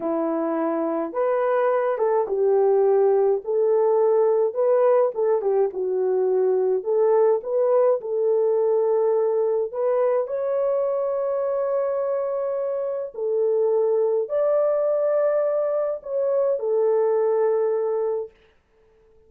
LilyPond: \new Staff \with { instrumentName = "horn" } { \time 4/4 \tempo 4 = 105 e'2 b'4. a'8 | g'2 a'2 | b'4 a'8 g'8 fis'2 | a'4 b'4 a'2~ |
a'4 b'4 cis''2~ | cis''2. a'4~ | a'4 d''2. | cis''4 a'2. | }